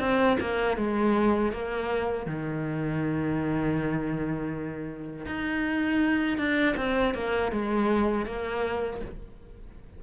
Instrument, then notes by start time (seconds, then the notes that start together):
cello
0.00 C4
0.40 A#3
0.77 G#3
1.52 A#3
2.26 D#3
5.26 D#4
6.38 D4
6.77 C4
7.14 A#3
7.52 G#3
8.26 A#3